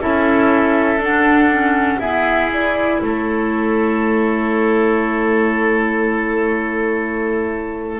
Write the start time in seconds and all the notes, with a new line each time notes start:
0.00 C#4 E4 A4 E5
0.97 D4 F#5
1.51 C#4
1.99 B3 E4 G#4 E5
2.52 E4 D5
3.00 A3 A4 C#5